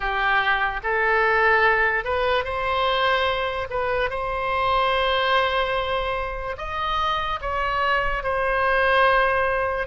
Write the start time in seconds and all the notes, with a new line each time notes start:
0.00 G4
0.83 A4
2.04 B4
2.44 C5
3.69 B4
4.09 C5
6.57 D#5
7.41 C#5
8.23 C5